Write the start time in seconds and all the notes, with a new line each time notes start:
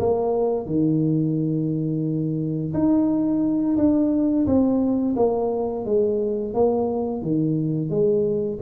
0.00 A#3
0.66 D#3
2.74 D#4
3.77 D4
4.47 C4
5.17 A#3
5.86 G#3
6.55 A#3
7.23 D#3
7.90 G#3